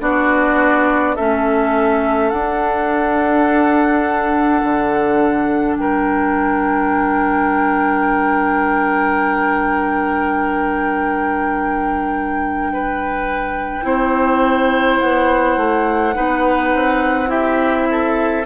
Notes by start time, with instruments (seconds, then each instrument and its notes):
0.00 bassoon B3, clarinet D4, oboe F#4, flute D5
1.15 bassoon A3, clarinet C#4, oboe A4, flute E5
2.30 bassoon D4, clarinet D4, flute F#5
4.63 bassoon D3
5.75 bassoon G3, oboe A#4, flute G5
12.72 oboe B4
13.82 bassoon C4, clarinet E4, oboe C5
14.99 bassoon B3, flute F#5
15.56 bassoon A3
16.14 bassoon B3, clarinet D#4, oboe B4
16.74 bassoon C4
17.27 clarinet E4, oboe G4, flute E5
17.90 oboe A4